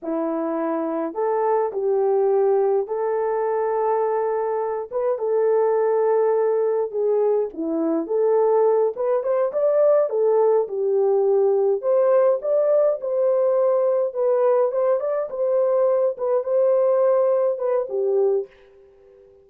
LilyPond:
\new Staff \with { instrumentName = "horn" } { \time 4/4 \tempo 4 = 104 e'2 a'4 g'4~ | g'4 a'2.~ | a'8 b'8 a'2. | gis'4 e'4 a'4. b'8 |
c''8 d''4 a'4 g'4.~ | g'8 c''4 d''4 c''4.~ | c''8 b'4 c''8 d''8 c''4. | b'8 c''2 b'8 g'4 | }